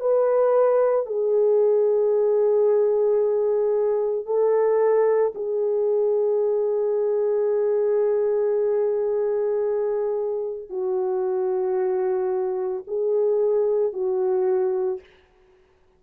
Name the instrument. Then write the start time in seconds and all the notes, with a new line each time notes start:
horn
0.00 B4
1.06 G#4
4.26 A4
5.35 G#4
10.69 F#4
12.87 G#4
13.93 F#4